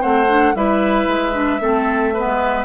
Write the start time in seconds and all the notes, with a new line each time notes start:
0.00 A3 C4 C5 F#5
0.28 D4
0.55 G3 E4 B4 E5
1.07 G#3
1.32 D4
1.60 A3 C4 A4
2.13 B3 B4
2.25 G#3